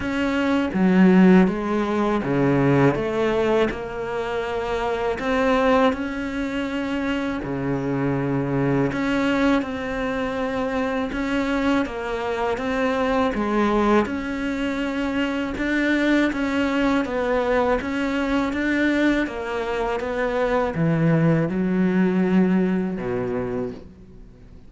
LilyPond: \new Staff \with { instrumentName = "cello" } { \time 4/4 \tempo 4 = 81 cis'4 fis4 gis4 cis4 | a4 ais2 c'4 | cis'2 cis2 | cis'4 c'2 cis'4 |
ais4 c'4 gis4 cis'4~ | cis'4 d'4 cis'4 b4 | cis'4 d'4 ais4 b4 | e4 fis2 b,4 | }